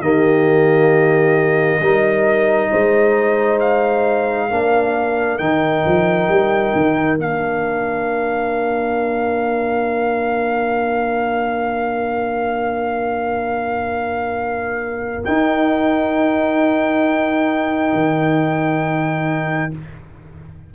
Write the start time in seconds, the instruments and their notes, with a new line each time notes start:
0.00 tuba D#3, trombone A#3, horn G4, trumpet D#5
1.80 tuba G3, trombone D#4, horn A#4
2.71 tuba G#3, horn C5
3.60 trumpet F5
4.50 tuba A#3, trombone D4, horn A#4
5.38 tuba D#3, trombone D#4, trumpet G5
5.85 tuba F3
6.28 tuba G3
6.75 tuba D#3
7.17 tuba A#3, trombone D4, trumpet F5
15.23 trombone D#4, tuba D#4, trumpet G5
17.93 tuba D#3